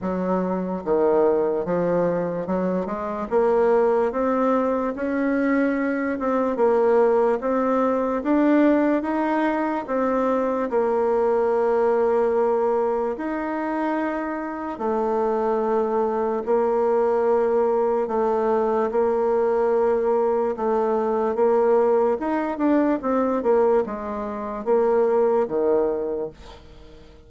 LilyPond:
\new Staff \with { instrumentName = "bassoon" } { \time 4/4 \tempo 4 = 73 fis4 dis4 f4 fis8 gis8 | ais4 c'4 cis'4. c'8 | ais4 c'4 d'4 dis'4 | c'4 ais2. |
dis'2 a2 | ais2 a4 ais4~ | ais4 a4 ais4 dis'8 d'8 | c'8 ais8 gis4 ais4 dis4 | }